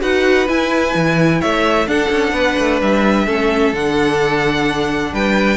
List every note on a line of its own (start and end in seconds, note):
0.00 0.48 D#4
0.00 0.47 F#4
0.00 1.40 B4
0.00 0.49 F#5
0.48 0.95 E4
0.48 1.88 E4
0.48 1.41 G#5
0.95 1.41 E3
1.40 1.87 A3
1.40 1.87 C#5
1.40 1.87 E5
1.87 2.10 D4
1.87 3.27 D4
1.87 2.33 A4
1.87 2.80 F#5
2.10 2.32 C#4
2.32 2.55 B3
2.32 3.26 B4
2.59 2.82 A3
2.82 3.27 G3
2.82 3.75 E5
3.27 3.73 A3
3.27 3.74 C#4
3.27 5.13 A4
3.73 5.12 D3
3.73 5.57 D4
3.73 5.14 F#5
5.12 5.57 G3
5.12 5.57 B4
5.12 5.57 G5